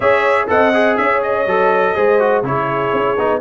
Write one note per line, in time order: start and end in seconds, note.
0.00 0.48 C#4
0.00 0.47 G#4
0.00 0.48 C#5
0.00 0.48 E5
0.47 0.97 C4
0.47 0.72 A4
0.47 0.99 D#5
0.47 0.96 F#5
0.73 1.47 G#4
0.96 1.46 C#4
0.96 1.95 C#5
0.96 1.21 E5
1.22 2.44 D#5
1.46 1.94 F#3
1.46 1.95 A4
1.95 2.42 G#3
1.95 2.19 G#4
1.95 2.43 C5
2.19 2.43 F#4
2.42 2.91 C#3
2.42 3.17 E4
2.42 3.40 G#4
2.42 3.40 C#5
2.92 3.17 C#4
3.17 3.40 B3
3.17 3.40 D#4